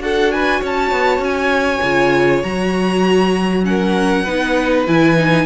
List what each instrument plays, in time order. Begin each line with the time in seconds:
0.00 cello D4, viola F#4, violin A4 F#5
0.32 violin B4 G#5
0.61 cello C#4, violin C#5 A5
0.92 cello B3
1.19 cello C#4, violin G#5
1.82 cello C#3, viola F4
2.43 cello F#3, viola F#4, violin A#5
3.64 viola C#4, violin A#4 F#5
4.24 cello B3, viola D#4, violin B4
4.87 cello E3, viola E4, violin G#5
5.17 viola D#4